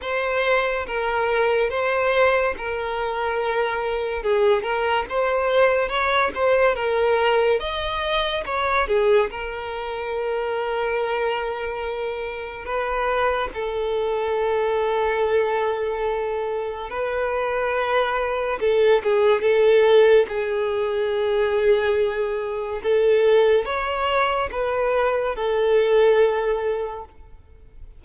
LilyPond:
\new Staff \with { instrumentName = "violin" } { \time 4/4 \tempo 4 = 71 c''4 ais'4 c''4 ais'4~ | ais'4 gis'8 ais'8 c''4 cis''8 c''8 | ais'4 dis''4 cis''8 gis'8 ais'4~ | ais'2. b'4 |
a'1 | b'2 a'8 gis'8 a'4 | gis'2. a'4 | cis''4 b'4 a'2 | }